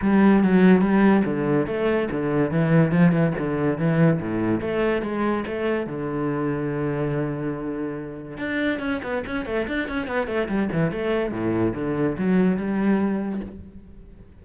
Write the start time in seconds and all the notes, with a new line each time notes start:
0.01 G3
0.43 F#3
0.81 G3
1.25 D3
1.66 A3
2.11 D3
2.51 E3
2.91 F3
3.12 E3
3.38 D3
3.78 E3
4.20 A2
4.60 A3
5.02 G#3
5.47 A3
5.86 D3
8.37 D4
8.79 C#4
9.02 B3
9.26 C#4
9.45 A3
9.67 D4
9.88 C#4
10.07 B3
10.27 A3
10.48 G3
10.72 E3
10.91 A3
11.31 A2
11.74 D3
12.18 F#3
12.56 G3